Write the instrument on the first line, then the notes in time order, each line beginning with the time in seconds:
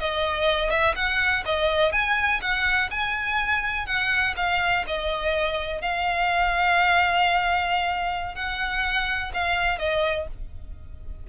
violin
0.00 D#5
0.71 E5
0.95 F#5
1.46 D#5
1.92 G#5
2.42 F#5
2.91 G#5
3.87 F#5
4.37 F5
4.87 D#5
5.82 F5
8.35 F#5
9.34 F5
9.79 D#5